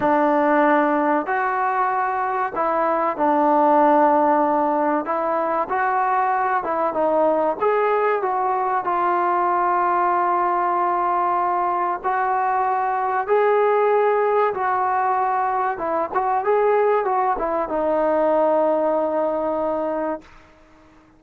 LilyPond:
\new Staff \with { instrumentName = "trombone" } { \time 4/4 \tempo 4 = 95 d'2 fis'2 | e'4 d'2. | e'4 fis'4. e'8 dis'4 | gis'4 fis'4 f'2~ |
f'2. fis'4~ | fis'4 gis'2 fis'4~ | fis'4 e'8 fis'8 gis'4 fis'8 e'8 | dis'1 | }